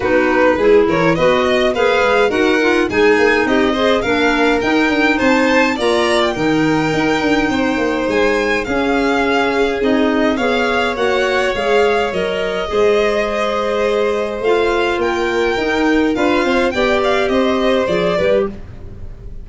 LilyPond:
<<
  \new Staff \with { instrumentName = "violin" } { \time 4/4 \tempo 4 = 104 b'4. cis''8 dis''4 f''4 | fis''4 gis''4 dis''4 f''4 | g''4 a''4 ais''8. g''4~ g''16~ | g''2 gis''4 f''4~ |
f''4 dis''4 f''4 fis''4 | f''4 dis''2.~ | dis''4 f''4 g''2 | f''4 g''8 f''8 dis''4 d''4 | }
  \new Staff \with { instrumentName = "violin" } { \time 4/4 fis'4 gis'8 ais'8 b'8 dis''8 b'4 | ais'4 gis'4 g'8 c''8 ais'4~ | ais'4 c''4 d''4 ais'4~ | ais'4 c''2 gis'4~ |
gis'2 cis''2~ | cis''2 c''2~ | c''2 ais'2 | b'8 c''8 d''4 c''4. b'8 | }
  \new Staff \with { instrumentName = "clarinet" } { \time 4/4 dis'4 e'4 fis'4 gis'4 | fis'8 f'8 dis'4. gis'8 d'4 | dis'2 f'4 dis'4~ | dis'2. cis'4~ |
cis'4 dis'4 gis'4 fis'4 | gis'4 ais'4 gis'2~ | gis'4 f'2 dis'4 | f'4 g'2 gis'8 g'8 | }
  \new Staff \with { instrumentName = "tuba" } { \time 4/4 b4 gis8 e8 b4 ais8 gis8 | dis'4 gis8 ais8 c'4 ais4 | dis'8 d'8 c'4 ais4 dis4 | dis'8 d'8 c'8 ais8 gis4 cis'4~ |
cis'4 c'4 b4 ais4 | gis4 fis4 gis2~ | gis4 a4 ais4 dis'4 | d'8 c'8 b4 c'4 f8 g8 | }
>>